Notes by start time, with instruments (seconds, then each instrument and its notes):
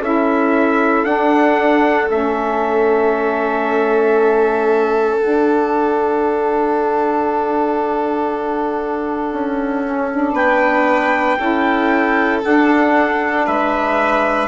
0.00 bassoon C#4, saxophone E4, violin A4, trumpet E5
1.04 bassoon D4, saxophone D4, trumpet F#5
2.09 bassoon A3, saxophone C#4, trumpet E5
5.16 bassoon D4, saxophone D4, trumpet F#5
9.31 bassoon C#4
9.84 saxophone C#4
10.11 saxophone D4
10.32 bassoon B3, violin B4, trumpet G5
11.38 bassoon C#4, saxophone E4, violin A4
12.44 bassoon D4, saxophone D4, trumpet F#5
13.45 bassoon G#3, violin B4, trumpet E5